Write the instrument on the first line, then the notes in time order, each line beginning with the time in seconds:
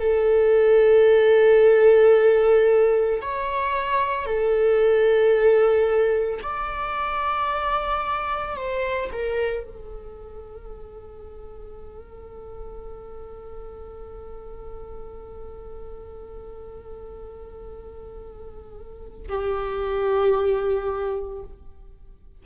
viola
0.00 A4
3.21 C#5
4.26 A4
6.43 D5
8.57 C5
9.13 A#4
9.64 A4
19.29 G4